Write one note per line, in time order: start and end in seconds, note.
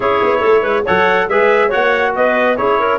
0.00 0.21 C#4
0.00 0.84 E4
0.00 0.39 G#4
0.00 0.86 C#5
0.22 0.43 B3
0.39 0.62 A3
0.39 0.60 A4
0.62 0.84 G#3
0.62 0.83 B4
0.84 1.28 F#3
0.84 1.29 A4
0.84 1.27 C#5
0.84 1.28 F#5
1.28 1.70 G#3
1.28 1.70 G#4
1.28 1.68 B4
1.28 1.71 E5
1.68 2.16 A#3
1.68 2.56 F#4
1.68 2.11 C#5
1.68 2.15 F#5
2.15 2.58 B3
2.15 2.58 B4
2.15 2.56 D#5
2.56 2.99 C#4
2.56 2.99 E4
2.56 2.79 G#4
2.56 2.99 C#5
2.79 2.99 A#4